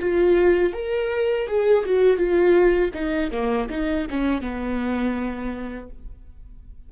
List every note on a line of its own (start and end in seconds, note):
0.00 0.74 F4
0.74 1.48 A#4
1.48 1.85 G#4
1.86 2.17 F#4
2.17 2.91 F4
2.94 3.31 D#4
3.32 3.69 A#3
3.70 4.07 D#4
4.10 4.42 C#4
4.42 5.90 B3